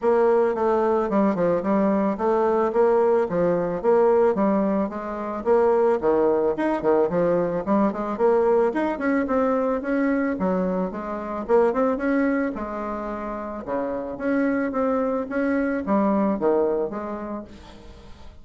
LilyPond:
\new Staff \with { instrumentName = "bassoon" } { \time 4/4 \tempo 4 = 110 ais4 a4 g8 f8 g4 | a4 ais4 f4 ais4 | g4 gis4 ais4 dis4 | dis'8 dis8 f4 g8 gis8 ais4 |
dis'8 cis'8 c'4 cis'4 fis4 | gis4 ais8 c'8 cis'4 gis4~ | gis4 cis4 cis'4 c'4 | cis'4 g4 dis4 gis4 | }